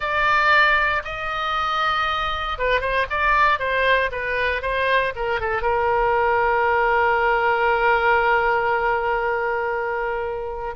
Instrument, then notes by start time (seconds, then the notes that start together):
oboe
0.00 D5
1.04 D#5
2.58 B4
2.81 C5
3.10 D5
3.59 C5
4.11 B4
4.62 C5
5.15 A#4
5.40 A4
5.62 A#4